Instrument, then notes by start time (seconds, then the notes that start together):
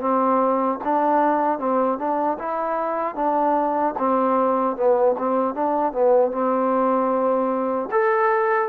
trombone
0.00 C4
0.84 D4
1.59 C4
1.98 D4
2.39 E4
3.16 D4
3.99 C4
4.77 B3
5.18 C4
5.55 D4
5.93 B3
6.32 C4
7.91 A4